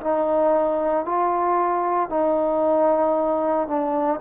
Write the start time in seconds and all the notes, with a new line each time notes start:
0.00 D#4
1.05 F4
2.10 D#4
3.67 D4